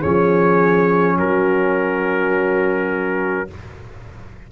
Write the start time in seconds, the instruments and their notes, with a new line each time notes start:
0.00 tuba F3, trombone C#4, horn G#4, trumpet C#5
1.18 tuba F#3, horn F#4, trumpet A#4